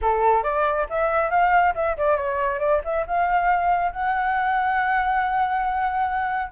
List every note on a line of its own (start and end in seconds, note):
0.01 0.43 A4
0.43 0.86 D5
0.89 1.30 E5
1.30 1.74 F5
1.75 1.96 E5
1.97 2.16 D5
2.16 2.59 C#5
2.59 2.81 D5
2.84 3.06 E5
3.07 3.92 F5
3.92 6.52 F#5